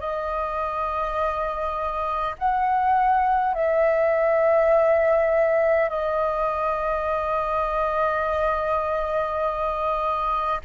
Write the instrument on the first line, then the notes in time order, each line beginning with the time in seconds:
flute
0.00 D#5
2.39 F#5
3.55 E5
5.90 D#5